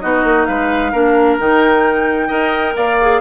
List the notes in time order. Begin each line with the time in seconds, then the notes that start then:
0.00 B3 D#4 F#4 D#5
0.23 A#3
0.45 G#3 B4 F5
0.92 A#3 D4 A#4
1.39 D#3 D#4 G5
2.27 D#4 A#4 D#5
2.76 A#3 D5 F5
3.01 G#4